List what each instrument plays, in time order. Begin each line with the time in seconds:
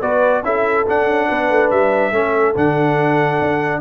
0.00 tuba B3, trombone F#4, horn B4, trumpet D5
0.43 tuba C#4, trombone E4, horn A4, trumpet E5
0.86 trombone D4, tuba D4, trumpet F#5
1.05 tuba C#4
1.28 tuba B3, horn B4
1.50 tuba A3
1.70 tuba G3, trumpet E5
2.11 tuba A3, trombone C#4, horn A4
2.56 tuba D3, trombone D4, trumpet F#5
3.41 tuba D4